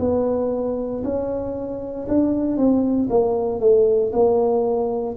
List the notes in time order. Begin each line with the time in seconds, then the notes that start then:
0.00 B3
1.04 C#4
2.09 D4
2.57 C4
3.10 A#3
3.60 A3
4.13 A#3